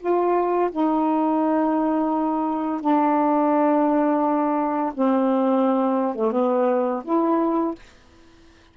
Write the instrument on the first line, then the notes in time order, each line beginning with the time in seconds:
saxophone
0.00 F4
0.72 D#4
2.81 D4
4.94 C4
6.16 A3
6.32 B3
7.04 E4